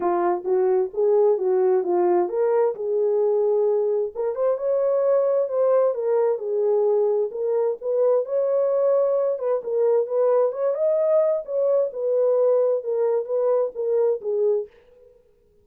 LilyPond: \new Staff \with { instrumentName = "horn" } { \time 4/4 \tempo 4 = 131 f'4 fis'4 gis'4 fis'4 | f'4 ais'4 gis'2~ | gis'4 ais'8 c''8 cis''2 | c''4 ais'4 gis'2 |
ais'4 b'4 cis''2~ | cis''8 b'8 ais'4 b'4 cis''8 dis''8~ | dis''4 cis''4 b'2 | ais'4 b'4 ais'4 gis'4 | }